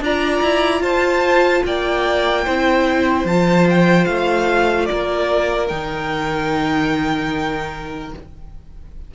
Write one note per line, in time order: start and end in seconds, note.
0.00 0.41 D4
0.00 2.46 F4
0.00 0.82 D5
0.00 0.82 A#5
0.41 0.80 E4
0.80 1.61 F4
0.80 1.63 C5
0.80 1.63 A5
1.65 2.46 A#3
1.65 2.44 D5
1.65 3.26 G5
2.44 3.24 C4
2.44 3.27 E4
2.44 4.87 C5
3.24 4.05 F3
3.24 5.68 F4
3.24 3.67 A5
3.69 4.05 G5
4.05 4.89 A3
4.05 4.85 F5
4.85 5.70 A#3
4.85 8.14 A#4
4.85 5.66 D5
5.68 8.13 D#3
5.68 8.11 D#4
5.68 8.11 G5